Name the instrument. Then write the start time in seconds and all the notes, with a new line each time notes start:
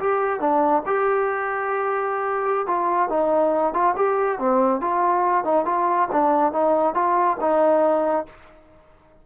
trombone
0.00 G4
0.41 D4
0.86 G4
2.67 F4
3.10 D#4
3.74 F4
3.96 G4
4.39 C4
4.81 F4
5.45 D#4
5.66 F4
6.12 D4
6.53 D#4
6.95 F4
7.41 D#4